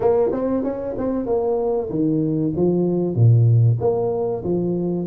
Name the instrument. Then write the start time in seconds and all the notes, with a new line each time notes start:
tuba
0.00 A#3
0.32 C4
0.63 C#4
0.97 C4
1.26 A#3
1.89 D#3
2.56 F3
3.15 A#2
3.80 A#3
4.44 F3